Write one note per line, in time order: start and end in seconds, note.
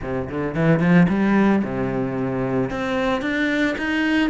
0.01 0.29 C3
0.29 0.54 D3
0.54 0.79 E3
0.79 1.06 F3
1.09 1.63 G3
1.64 2.70 C3
2.70 3.21 C4
3.21 3.75 D4
3.78 4.30 D#4